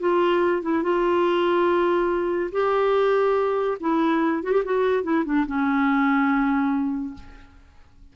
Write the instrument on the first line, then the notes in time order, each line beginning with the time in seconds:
clarinet
0.00 F4
0.63 E4
0.83 F4
2.52 G4
3.80 E4
4.44 F#4
4.53 G4
4.65 F#4
5.04 E4
5.25 D4
5.47 C#4